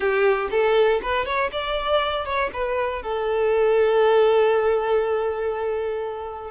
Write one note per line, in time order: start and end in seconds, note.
0.00 0.49 G4
0.50 1.00 A4
1.02 1.25 B4
1.25 1.50 C#5
1.52 2.25 D5
2.25 2.50 C#5
2.52 3.02 B4
3.02 6.51 A4